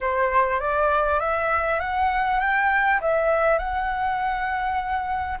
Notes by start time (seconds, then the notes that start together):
0.01 C5
0.60 D5
1.20 E5
1.79 F#5
2.40 G5
3.00 E5
3.58 F#5